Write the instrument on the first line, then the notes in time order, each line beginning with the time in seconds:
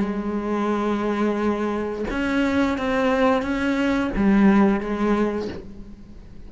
cello
0.00 G#3
2.10 C#4
2.78 C4
3.42 C#4
4.16 G3
4.80 G#3